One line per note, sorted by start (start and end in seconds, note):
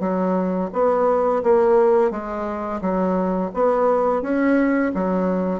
0.00 0.70 F#3
0.73 1.43 B3
1.43 2.11 A#3
2.11 2.80 G#3
2.81 3.51 F#3
3.54 4.22 B3
4.22 4.92 C#4
4.94 5.60 F#3